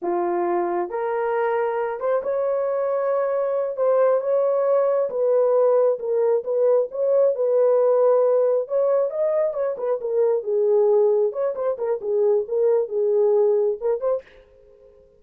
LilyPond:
\new Staff \with { instrumentName = "horn" } { \time 4/4 \tempo 4 = 135 f'2 ais'2~ | ais'8 c''8 cis''2.~ | cis''8 c''4 cis''2 b'8~ | b'4. ais'4 b'4 cis''8~ |
cis''8 b'2. cis''8~ | cis''8 dis''4 cis''8 b'8 ais'4 gis'8~ | gis'4. cis''8 c''8 ais'8 gis'4 | ais'4 gis'2 ais'8 c''8 | }